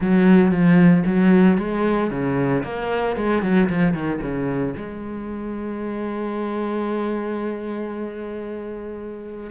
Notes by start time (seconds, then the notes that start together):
0.00 F#3
0.51 F3
1.06 F#3
1.57 G#3
2.10 C#3
2.63 A#3
3.16 G#3
3.42 F#3
3.69 F3
3.93 D#3
4.21 C#3
4.77 G#3